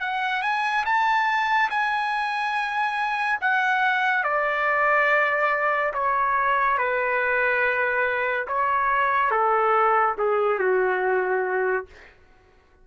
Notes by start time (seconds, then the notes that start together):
0.00 F#5
0.42 G#5
0.85 A5
1.70 G#5
3.41 F#5
4.24 D5
5.93 C#5
6.78 B4
8.48 C#5
9.31 A4
10.18 G#4
10.59 F#4